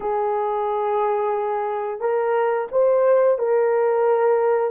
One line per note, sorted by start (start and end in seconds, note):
0.00 2.00 G#4
2.00 2.67 A#4
2.72 3.38 C5
3.38 4.70 A#4